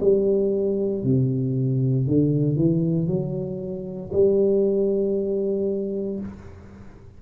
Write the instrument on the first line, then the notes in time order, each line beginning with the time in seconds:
tuba
0.00 G3
1.03 C3
2.07 D3
2.56 E3
3.08 F#3
4.12 G3